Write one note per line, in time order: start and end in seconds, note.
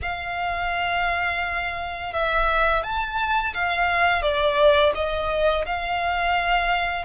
0.02 2.13 F5
2.13 2.83 E5
2.83 3.53 A5
3.54 4.22 F5
4.22 4.92 D5
4.94 5.65 D#5
5.65 7.05 F5